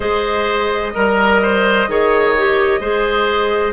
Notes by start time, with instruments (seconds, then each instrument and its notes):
0.00 bassoon G#3, clarinet G#4, oboe C5, flute D#5
0.94 bassoon G3, oboe A#4, clarinet A#4
1.42 oboe C5
1.87 bassoon D#3, clarinet G#4, oboe C#5
2.37 clarinet G4
2.79 bassoon G#3, clarinet G#4, oboe C5